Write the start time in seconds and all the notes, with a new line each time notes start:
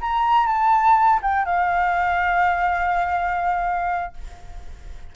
0.00 A#5
0.46 A5
1.22 G5
1.45 F5